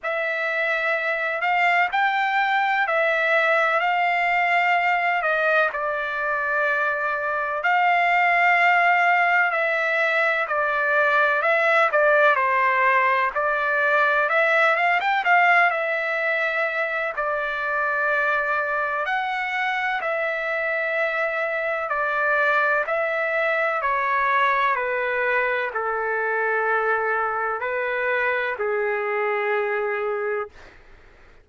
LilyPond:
\new Staff \with { instrumentName = "trumpet" } { \time 4/4 \tempo 4 = 63 e''4. f''8 g''4 e''4 | f''4. dis''8 d''2 | f''2 e''4 d''4 | e''8 d''8 c''4 d''4 e''8 f''16 g''16 |
f''8 e''4. d''2 | fis''4 e''2 d''4 | e''4 cis''4 b'4 a'4~ | a'4 b'4 gis'2 | }